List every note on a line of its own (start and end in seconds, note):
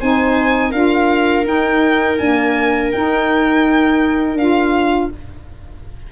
0.00 0.73 C4
0.00 0.73 D#4
0.00 0.70 C5
0.00 0.72 G#5
0.70 1.45 D4
0.70 1.44 F4
0.70 5.09 A#4
0.70 1.45 F5
1.44 2.17 D#4
1.44 2.18 D#4
1.44 2.19 G5
2.19 2.93 A#3
2.19 2.93 D4
2.19 2.91 G#5
2.91 4.39 D#4
2.91 4.35 D#4
2.91 4.37 G5
4.35 5.08 D4
4.35 5.12 F4
4.35 5.11 F5